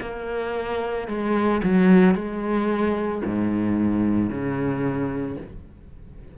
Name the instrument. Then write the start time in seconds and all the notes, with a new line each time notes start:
cello
0.00 A#3
1.08 G#3
1.63 F#3
2.14 G#3
3.24 G#2
4.30 C#3